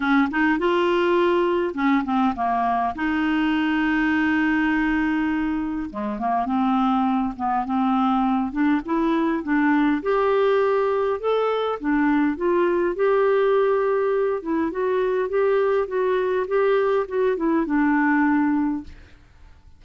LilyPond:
\new Staff \with { instrumentName = "clarinet" } { \time 4/4 \tempo 4 = 102 cis'8 dis'8 f'2 cis'8 c'8 | ais4 dis'2.~ | dis'2 gis8 ais8 c'4~ | c'8 b8 c'4. d'8 e'4 |
d'4 g'2 a'4 | d'4 f'4 g'2~ | g'8 e'8 fis'4 g'4 fis'4 | g'4 fis'8 e'8 d'2 | }